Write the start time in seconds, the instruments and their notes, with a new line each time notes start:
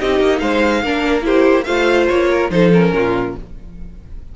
0.00 cello C4, viola D#4, violin G4 D#5
0.21 cello A#3
0.39 cello G#3, violin C5 F5
0.83 cello A#3, viola D4, violin A#4
1.22 viola E4, violin G4 C5
1.65 cello A3, viola F4, violin C5 F5
2.09 cello A#3, violin C#5
2.30 violin A#4
2.50 cello F3, viola D#4, violin A4 C5
2.73 viola C#4, violin A#4
2.93 cello A#2, violin F4